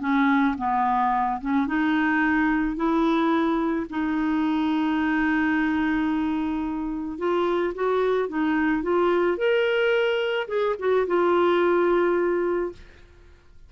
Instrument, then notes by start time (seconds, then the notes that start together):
clarinet
0.00 C#4
0.58 B3
1.41 C#4
1.67 D#4
2.76 E4
3.90 D#4
7.18 F4
7.74 F#4
8.29 D#4
8.82 F4
9.37 A#4
10.48 G#4
10.79 F#4
11.07 F4